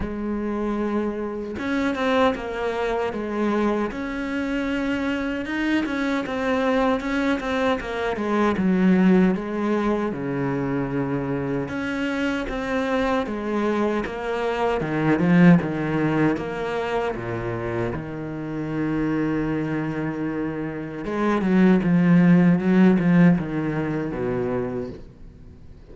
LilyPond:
\new Staff \with { instrumentName = "cello" } { \time 4/4 \tempo 4 = 77 gis2 cis'8 c'8 ais4 | gis4 cis'2 dis'8 cis'8 | c'4 cis'8 c'8 ais8 gis8 fis4 | gis4 cis2 cis'4 |
c'4 gis4 ais4 dis8 f8 | dis4 ais4 ais,4 dis4~ | dis2. gis8 fis8 | f4 fis8 f8 dis4 b,4 | }